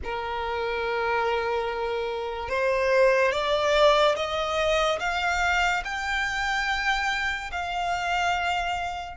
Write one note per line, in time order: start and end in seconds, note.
0.03 2.49 A#4
2.49 3.32 C5
3.32 4.15 D5
4.16 4.99 D#5
4.99 5.83 F5
5.84 7.50 G5
7.52 9.17 F5